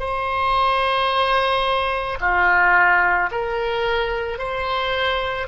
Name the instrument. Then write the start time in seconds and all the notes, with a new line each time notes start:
oboe
0.00 C5
2.21 F4
3.32 A#4
4.39 C5